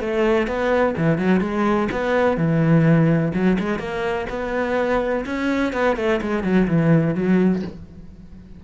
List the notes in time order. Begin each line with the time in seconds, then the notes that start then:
0.00 A3
0.47 B3
0.97 E3
1.18 F#3
1.40 G#3
1.92 B3
2.37 E3
3.34 F#3
3.59 G#3
3.79 A#3
4.29 B3
5.26 C#4
5.73 B3
5.96 A3
6.21 G#3
6.43 F#3
6.67 E3
7.15 F#3